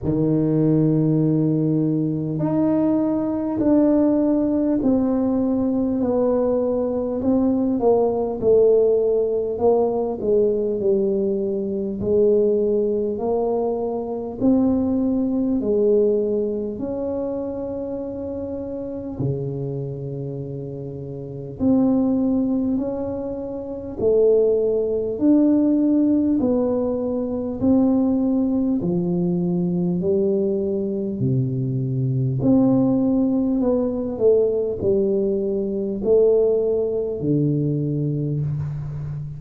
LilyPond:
\new Staff \with { instrumentName = "tuba" } { \time 4/4 \tempo 4 = 50 dis2 dis'4 d'4 | c'4 b4 c'8 ais8 a4 | ais8 gis8 g4 gis4 ais4 | c'4 gis4 cis'2 |
cis2 c'4 cis'4 | a4 d'4 b4 c'4 | f4 g4 c4 c'4 | b8 a8 g4 a4 d4 | }